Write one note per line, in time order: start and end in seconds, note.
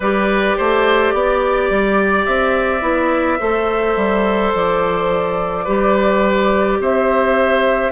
0.00 0.54 G3
0.00 2.81 G4
0.00 0.57 B4
0.00 2.25 D5
0.57 1.13 A3
0.57 1.13 C5
1.13 1.69 B3
1.13 3.39 D5
1.69 2.26 G3
2.25 2.81 C4
2.25 4.52 E5
2.81 3.38 B3
2.81 3.38 E4
3.39 3.96 A3
3.39 5.65 A4
3.39 5.64 C5
3.96 4.52 G3
4.54 5.67 F3
4.54 6.81 D5
5.64 6.79 G3
5.64 7.91 G4
5.64 6.77 B4
6.79 7.91 C4
6.79 7.91 C5
6.79 7.91 E5